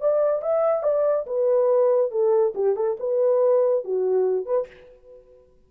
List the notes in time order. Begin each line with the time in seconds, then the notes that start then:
0.00 D5
0.42 E5
0.83 D5
1.26 B4
2.11 A4
2.54 G4
2.76 A4
2.99 B4
3.84 F#4
4.45 B4